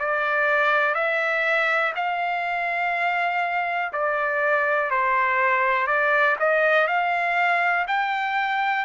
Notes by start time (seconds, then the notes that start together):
0.00 D5
0.95 E5
1.96 F5
3.93 D5
4.91 C5
5.87 D5
6.40 D#5
6.88 F5
7.88 G5